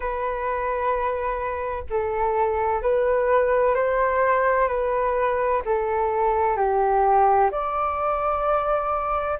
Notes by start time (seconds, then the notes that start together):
0.00 B4
1.90 A4
2.81 B4
3.75 C5
4.68 B4
5.65 A4
6.56 G4
7.51 D5